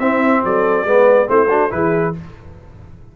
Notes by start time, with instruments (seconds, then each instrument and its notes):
0.00 tuba C4, trombone C4, horn E4, trumpet E5
0.45 tuba F#3, horn A4, trumpet D5
0.85 tuba G#3, trombone B3, horn B4
1.27 tuba A3, trombone C4, horn E4, trumpet C5
1.49 trombone D4, horn F#4
1.71 tuba E3, trombone E4, horn G#4, trumpet B4